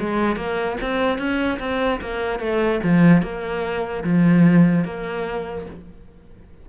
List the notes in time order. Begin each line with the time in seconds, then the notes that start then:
0.00 G#3
0.36 A#3
0.81 C4
1.18 C#4
1.60 C4
2.01 A#3
2.40 A3
2.83 F3
3.22 A#3
4.04 F3
4.85 A#3